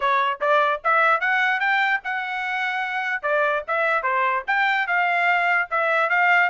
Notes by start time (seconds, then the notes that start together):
0.00 C#5
0.40 D5
0.84 E5
1.20 F#5
1.60 G5
2.03 F#5
3.22 D5
3.67 E5
4.02 C5
4.47 G5
4.87 F5
5.70 E5
6.09 F5